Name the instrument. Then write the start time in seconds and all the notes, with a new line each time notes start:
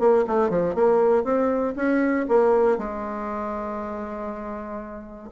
bassoon
0.00 A#3
0.28 A3
0.50 F3
0.75 A#3
1.24 C4
1.76 C#4
2.29 A#3
2.78 G#3